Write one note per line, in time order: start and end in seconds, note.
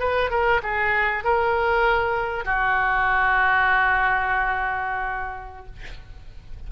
0.00 0.31 B4
0.31 0.62 A#4
0.63 1.24 G#4
1.24 2.45 A#4
2.45 5.67 F#4